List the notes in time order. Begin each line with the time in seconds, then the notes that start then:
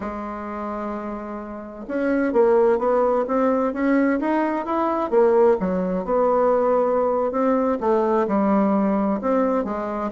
0.00 G#3
1.88 C#4
2.33 A#3
2.78 B3
3.27 C4
3.73 C#4
4.20 D#4
4.65 E4
5.10 A#3
5.60 F#3
6.05 B3
7.31 C4
7.80 A3
8.27 G3
9.21 C4
9.64 G#3